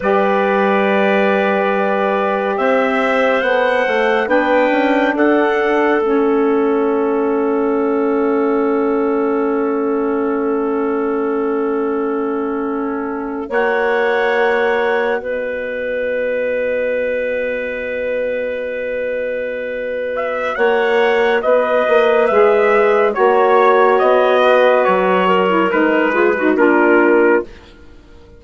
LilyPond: <<
  \new Staff \with { instrumentName = "trumpet" } { \time 4/4 \tempo 4 = 70 d''2. e''4 | fis''4 g''4 fis''4 e''4~ | e''1~ | e''2.~ e''8. fis''16~ |
fis''4.~ fis''16 dis''2~ dis''16~ | dis''2.~ dis''8 e''8 | fis''4 dis''4 e''4 cis''4 | dis''4 cis''4 b'4 ais'4 | }
  \new Staff \with { instrumentName = "clarinet" } { \time 4/4 b'2. c''4~ | c''4 b'4 a'2~ | a'1~ | a'2.~ a'8. cis''16~ |
cis''4.~ cis''16 b'2~ b'16~ | b'1 | cis''4 b'2 cis''4~ | cis''8 b'4 ais'4 gis'16 fis'16 f'4 | }
  \new Staff \with { instrumentName = "saxophone" } { \time 4/4 g'1 | a'4 d'2 cis'4~ | cis'1~ | cis'2.~ cis'8. fis'16~ |
fis'1~ | fis'1~ | fis'2 gis'4 fis'4~ | fis'4.~ fis'16 e'16 dis'8 f'16 dis'16 d'4 | }
  \new Staff \with { instrumentName = "bassoon" } { \time 4/4 g2. c'4 | b8 a8 b8 cis'8 d'4 a4~ | a1~ | a2.~ a8. ais16~ |
ais4.~ ais16 b2~ b16~ | b1 | ais4 b8 ais8 gis4 ais4 | b4 fis4 gis4 ais4 | }
>>